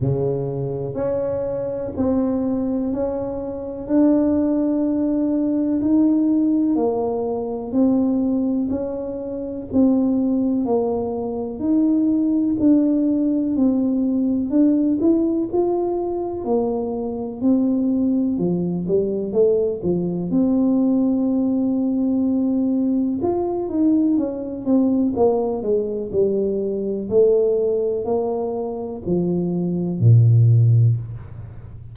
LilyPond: \new Staff \with { instrumentName = "tuba" } { \time 4/4 \tempo 4 = 62 cis4 cis'4 c'4 cis'4 | d'2 dis'4 ais4 | c'4 cis'4 c'4 ais4 | dis'4 d'4 c'4 d'8 e'8 |
f'4 ais4 c'4 f8 g8 | a8 f8 c'2. | f'8 dis'8 cis'8 c'8 ais8 gis8 g4 | a4 ais4 f4 ais,4 | }